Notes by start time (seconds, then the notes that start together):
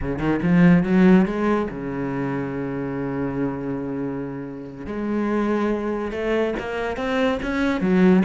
0.01 C#3
0.19 D#3
0.42 F3
0.83 F#3
1.25 G#3
1.70 C#3
4.86 G#3
6.11 A3
6.59 A#3
6.97 C4
7.42 C#4
7.80 F#3